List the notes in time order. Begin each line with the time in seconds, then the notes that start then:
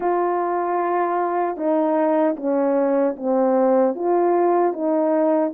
0.00 F4
1.56 D#4
2.36 C#4
3.16 C4
3.95 F4
4.73 D#4